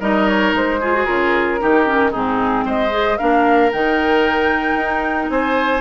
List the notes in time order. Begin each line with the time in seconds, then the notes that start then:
0.00 G3 D#4 A#4 D#5
0.28 C#5
0.53 G#3 C5
0.81 F4 G#4
0.93 F#4
1.05 C#3 F4 A#4
1.60 D#3 D#4 G4
1.86 C#4
2.11 G#2 C4 D#4 G#4
2.65 G#3 C5 D#5
2.90 G#4
3.18 A#3 D4 A#4 F5
3.72 D#3 D#4 G5
4.75 D#4
5.30 C4 C5 G#5